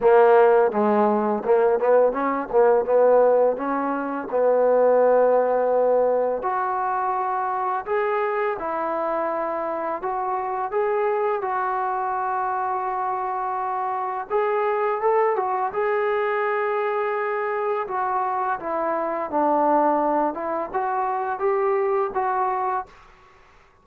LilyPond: \new Staff \with { instrumentName = "trombone" } { \time 4/4 \tempo 4 = 84 ais4 gis4 ais8 b8 cis'8 ais8 | b4 cis'4 b2~ | b4 fis'2 gis'4 | e'2 fis'4 gis'4 |
fis'1 | gis'4 a'8 fis'8 gis'2~ | gis'4 fis'4 e'4 d'4~ | d'8 e'8 fis'4 g'4 fis'4 | }